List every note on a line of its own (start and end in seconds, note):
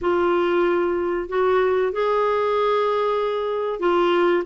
0.01 1.28 F4
1.29 1.92 F#4
1.92 3.79 G#4
3.79 4.43 F4